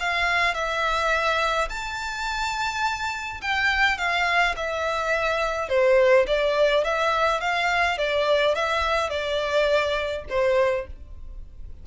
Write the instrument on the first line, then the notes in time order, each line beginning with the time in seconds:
violin
0.00 F5
0.55 E5
1.70 A5
3.42 G5
3.98 F5
4.57 E5
5.69 C5
6.27 D5
6.84 E5
7.41 F5
7.98 D5
8.55 E5
9.10 D5
10.30 C5